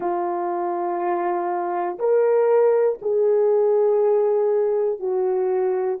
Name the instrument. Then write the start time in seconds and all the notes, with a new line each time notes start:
horn
0.00 F4
1.98 A#4
3.01 G#4
4.99 F#4